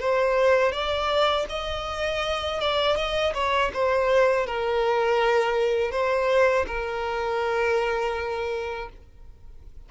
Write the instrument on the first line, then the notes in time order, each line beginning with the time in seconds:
violin
0.00 C5
0.72 D5
1.49 D#5
2.60 D5
2.96 D#5
3.34 C#5
3.74 C5
4.46 A#4
5.91 C5
6.67 A#4